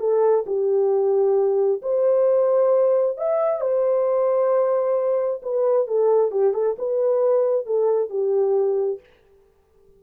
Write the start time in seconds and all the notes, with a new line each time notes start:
0.00 A4
0.47 G4
1.83 C5
3.18 E5
3.61 C5
5.43 B4
5.88 A4
6.32 G4
6.54 A4
6.79 B4
7.67 A4
8.10 G4